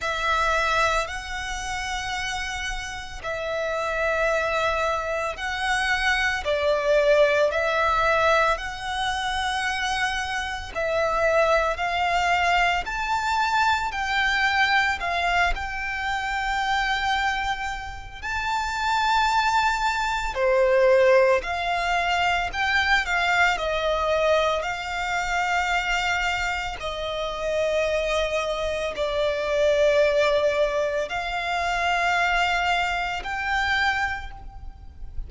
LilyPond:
\new Staff \with { instrumentName = "violin" } { \time 4/4 \tempo 4 = 56 e''4 fis''2 e''4~ | e''4 fis''4 d''4 e''4 | fis''2 e''4 f''4 | a''4 g''4 f''8 g''4.~ |
g''4 a''2 c''4 | f''4 g''8 f''8 dis''4 f''4~ | f''4 dis''2 d''4~ | d''4 f''2 g''4 | }